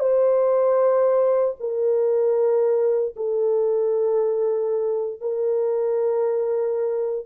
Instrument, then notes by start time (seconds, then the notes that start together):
horn
0.00 C5
1.60 A#4
3.16 A4
5.21 A#4